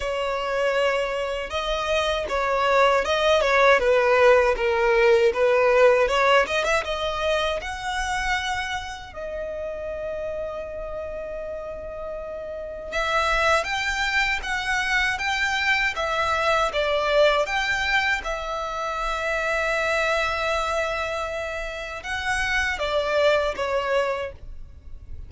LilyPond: \new Staff \with { instrumentName = "violin" } { \time 4/4 \tempo 4 = 79 cis''2 dis''4 cis''4 | dis''8 cis''8 b'4 ais'4 b'4 | cis''8 dis''16 e''16 dis''4 fis''2 | dis''1~ |
dis''4 e''4 g''4 fis''4 | g''4 e''4 d''4 g''4 | e''1~ | e''4 fis''4 d''4 cis''4 | }